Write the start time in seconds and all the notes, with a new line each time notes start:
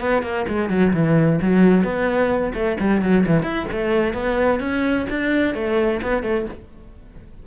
0.00 B3
0.23 A#3
0.48 G#3
0.69 F#3
0.93 E3
1.42 F#3
1.84 B3
2.54 A3
2.80 G3
3.02 F#3
3.26 E3
3.43 E4
3.71 A3
4.13 B3
4.60 C#4
5.10 D4
5.54 A3
6.02 B3
6.23 A3